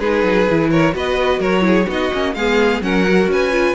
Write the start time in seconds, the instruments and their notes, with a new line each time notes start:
0.00 cello G#3, viola D#4, violin G#4 B4
0.24 cello F#3
0.50 cello E3, viola E4
0.71 violin A#4 C#5
0.93 cello B3, viola F#4, violin B4 D#5
1.40 cello F#3, violin A#4 C#5
1.61 viola E4, violin G#4
1.88 cello B3, viola D#4, violin F#4 D#5
2.14 cello A#3, viola C#4
2.35 cello G#3, viola B3, violin G#4 F5
2.82 cello F#3, viola C#4, violin A#4 F#5
3.08 viola F#4
3.28 cello C#4, violin B4 G#5
3.53 viola F4